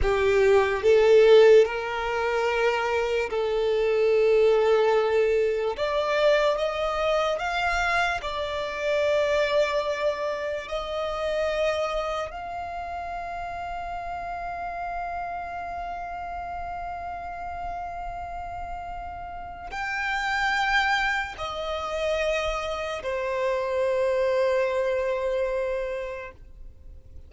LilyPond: \new Staff \with { instrumentName = "violin" } { \time 4/4 \tempo 4 = 73 g'4 a'4 ais'2 | a'2. d''4 | dis''4 f''4 d''2~ | d''4 dis''2 f''4~ |
f''1~ | f''1 | g''2 dis''2 | c''1 | }